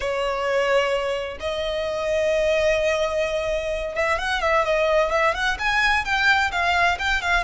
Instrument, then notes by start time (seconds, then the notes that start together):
violin
0.00 C#5
1.40 D#5
3.95 E5
4.18 F#5
4.41 E5
4.64 D#5
5.11 E5
5.34 F#5
5.58 G#5
6.04 G5
6.51 F5
6.99 G5
7.21 F5